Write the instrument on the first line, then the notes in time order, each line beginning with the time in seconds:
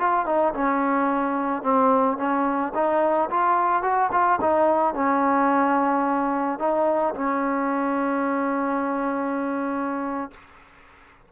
trombone
0.00 F4
0.27 D#4
0.54 C#4
1.63 C4
2.18 C#4
2.75 D#4
3.31 F4
3.83 F#4
4.12 F4
4.41 D#4
4.95 C#4
6.60 D#4
7.15 C#4